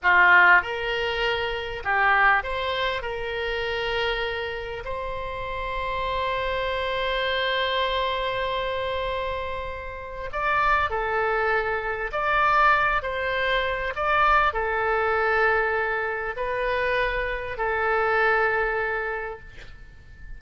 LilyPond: \new Staff \with { instrumentName = "oboe" } { \time 4/4 \tempo 4 = 99 f'4 ais'2 g'4 | c''4 ais'2. | c''1~ | c''1~ |
c''4 d''4 a'2 | d''4. c''4. d''4 | a'2. b'4~ | b'4 a'2. | }